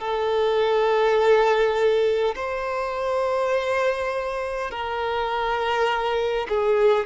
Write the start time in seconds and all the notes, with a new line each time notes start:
0.00 A4
2.36 C5
4.71 A#4
6.49 G#4